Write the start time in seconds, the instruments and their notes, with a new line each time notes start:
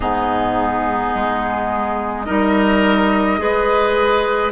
0.00 bassoon G#2, clarinet B3, oboe D#4, flute G#4
1.14 bassoon G#3
2.24 bassoon G3, clarinet D#4, oboe A#4, flute D#5
3.38 bassoon G#3, clarinet G#4, oboe B4